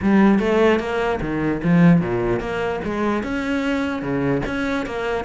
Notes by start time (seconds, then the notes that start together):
0.01 G3
0.39 A3
0.79 A#3
1.20 D#3
1.63 F3
2.00 A#2
2.40 A#3
2.84 G#3
3.23 C#4
4.02 C#3
4.46 C#4
4.85 A#3